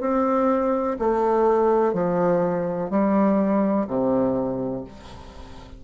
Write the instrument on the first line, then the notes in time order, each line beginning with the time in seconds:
bassoon
0.00 C4
0.99 A3
1.93 F3
2.90 G3
3.87 C3